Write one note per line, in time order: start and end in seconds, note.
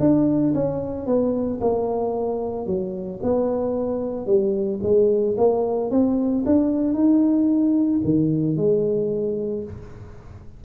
0.00 0.54 D4
0.55 1.07 C#4
1.07 1.60 B3
1.61 2.67 A#3
2.67 3.20 F#3
3.23 4.26 B3
4.26 4.80 G3
4.83 5.36 G#3
5.38 5.91 A#3
5.91 6.45 C4
6.46 6.94 D4
6.94 8.01 D#4
8.05 8.57 D#3
8.57 9.64 G#3